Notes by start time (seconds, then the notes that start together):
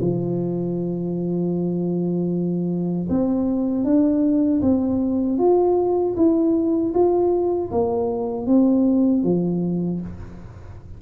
0.00 F3
3.09 C4
3.84 D4
4.61 C4
5.38 F4
6.16 E4
6.94 F4
7.71 A#3
8.46 C4
9.23 F3